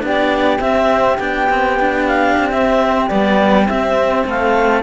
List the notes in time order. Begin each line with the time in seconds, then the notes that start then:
0.00 B3 D4 G4
0.07 D5
0.60 C4 E5
1.18 B3 D4 G5
1.50 C4
1.80 D4
2.07 F5
2.38 C4
2.51 C4 E5
3.08 G3 B3 D5
3.66 C4 E5
4.26 A3 A4 F5